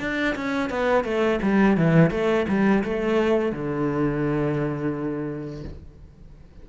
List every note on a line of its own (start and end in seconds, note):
0.00 0.35 D4
0.36 0.70 C#4
0.70 1.04 B3
1.04 1.40 A3
1.42 1.77 G3
1.77 2.11 E3
2.11 2.46 A3
2.49 2.84 G3
2.84 3.53 A3
3.53 5.64 D3